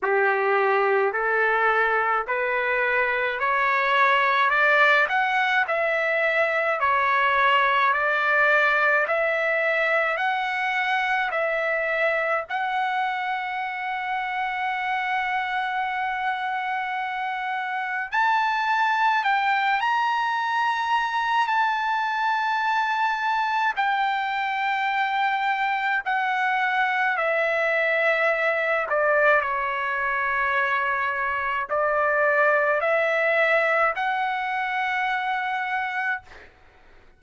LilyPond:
\new Staff \with { instrumentName = "trumpet" } { \time 4/4 \tempo 4 = 53 g'4 a'4 b'4 cis''4 | d''8 fis''8 e''4 cis''4 d''4 | e''4 fis''4 e''4 fis''4~ | fis''1 |
a''4 g''8 ais''4. a''4~ | a''4 g''2 fis''4 | e''4. d''8 cis''2 | d''4 e''4 fis''2 | }